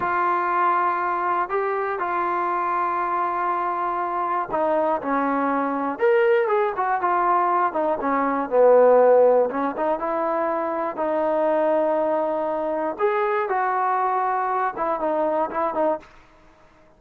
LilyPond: \new Staff \with { instrumentName = "trombone" } { \time 4/4 \tempo 4 = 120 f'2. g'4 | f'1~ | f'4 dis'4 cis'2 | ais'4 gis'8 fis'8 f'4. dis'8 |
cis'4 b2 cis'8 dis'8 | e'2 dis'2~ | dis'2 gis'4 fis'4~ | fis'4. e'8 dis'4 e'8 dis'8 | }